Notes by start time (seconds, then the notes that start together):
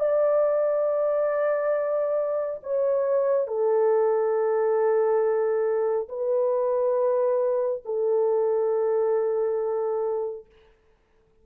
0.00 D5
2.63 C#5
3.47 A4
6.09 B4
7.85 A4